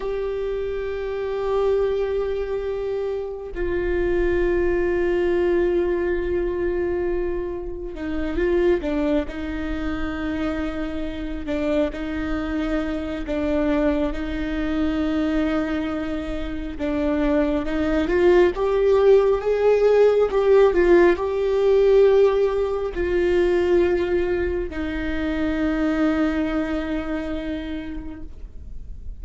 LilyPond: \new Staff \with { instrumentName = "viola" } { \time 4/4 \tempo 4 = 68 g'1 | f'1~ | f'4 dis'8 f'8 d'8 dis'4.~ | dis'4 d'8 dis'4. d'4 |
dis'2. d'4 | dis'8 f'8 g'4 gis'4 g'8 f'8 | g'2 f'2 | dis'1 | }